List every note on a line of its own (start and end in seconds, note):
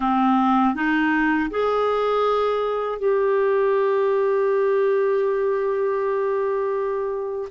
0.00 0.75 C4
0.75 1.50 D#4
1.50 2.99 G#4
2.99 7.49 G4